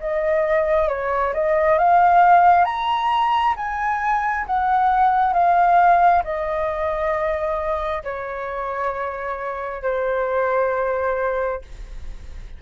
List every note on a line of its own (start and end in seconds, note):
0.00 0.88 D#5
0.88 1.33 C#5
1.34 1.78 D#5
1.79 2.65 F5
2.65 3.55 A#5
3.57 4.46 G#5
4.46 5.33 F#5
5.33 6.23 F5
6.24 8.03 D#5
8.04 9.83 C#5
9.83 11.62 C5